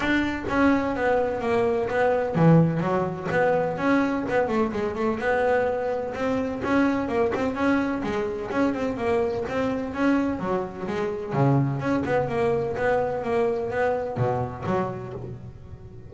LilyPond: \new Staff \with { instrumentName = "double bass" } { \time 4/4 \tempo 4 = 127 d'4 cis'4 b4 ais4 | b4 e4 fis4 b4 | cis'4 b8 a8 gis8 a8 b4~ | b4 c'4 cis'4 ais8 c'8 |
cis'4 gis4 cis'8 c'8 ais4 | c'4 cis'4 fis4 gis4 | cis4 cis'8 b8 ais4 b4 | ais4 b4 b,4 fis4 | }